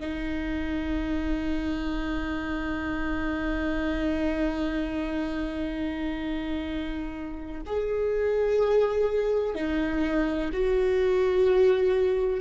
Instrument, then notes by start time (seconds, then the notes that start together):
viola
0.00 D#4
7.66 G#4
9.55 D#4
10.53 F#4